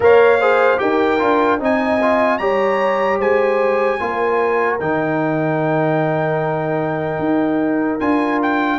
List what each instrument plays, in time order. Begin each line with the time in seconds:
0.00 tuba A#3, trombone A#4, horn C#5, trumpet F5
0.40 trombone G#4, horn C5
0.77 tuba D#4, trombone G4, horn A#4, trumpet G5
1.19 tuba D4, trombone F4
1.59 tuba C4, trombone D#4, horn D#5, trumpet G#5
2.01 trombone F4
2.38 tuba G3, trombone G4, horn C#5, trumpet A#5
3.18 tuba G#3, horn C5, trumpet G#5
3.99 tuba A#3, trombone F4, horn A#4
4.79 tuba D#3, trombone D#4, trumpet G5
7.19 tuba D#4
7.99 tuba D4, trombone F4, trumpet G#5
8.42 trumpet G5